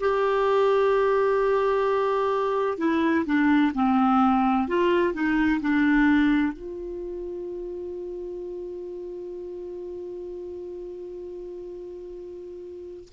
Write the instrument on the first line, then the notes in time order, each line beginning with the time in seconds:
clarinet
0.00 G4
2.78 E4
3.25 D4
3.74 C4
4.67 F4
5.13 D#4
5.60 D4
6.52 F4